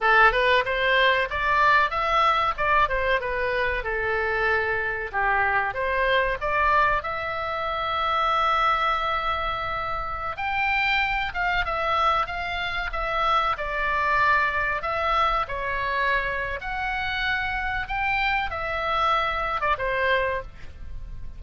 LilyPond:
\new Staff \with { instrumentName = "oboe" } { \time 4/4 \tempo 4 = 94 a'8 b'8 c''4 d''4 e''4 | d''8 c''8 b'4 a'2 | g'4 c''4 d''4 e''4~ | e''1~ |
e''16 g''4. f''8 e''4 f''8.~ | f''16 e''4 d''2 e''8.~ | e''16 cis''4.~ cis''16 fis''2 | g''4 e''4.~ e''16 d''16 c''4 | }